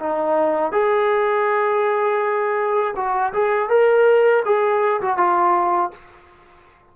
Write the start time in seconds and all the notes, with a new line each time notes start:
0.00 D#4
0.73 G#4
2.96 F#4
3.34 G#4
3.70 A#4
4.45 G#4
5.02 F#4
5.18 F4